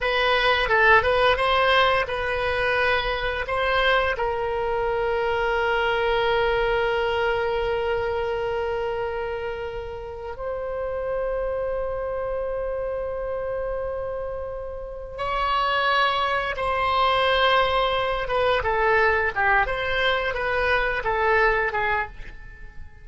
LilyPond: \new Staff \with { instrumentName = "oboe" } { \time 4/4 \tempo 4 = 87 b'4 a'8 b'8 c''4 b'4~ | b'4 c''4 ais'2~ | ais'1~ | ais'2. c''4~ |
c''1~ | c''2 cis''2 | c''2~ c''8 b'8 a'4 | g'8 c''4 b'4 a'4 gis'8 | }